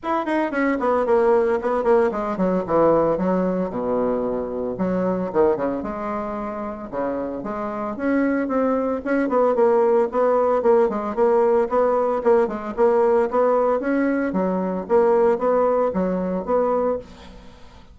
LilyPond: \new Staff \with { instrumentName = "bassoon" } { \time 4/4 \tempo 4 = 113 e'8 dis'8 cis'8 b8 ais4 b8 ais8 | gis8 fis8 e4 fis4 b,4~ | b,4 fis4 dis8 cis8 gis4~ | gis4 cis4 gis4 cis'4 |
c'4 cis'8 b8 ais4 b4 | ais8 gis8 ais4 b4 ais8 gis8 | ais4 b4 cis'4 fis4 | ais4 b4 fis4 b4 | }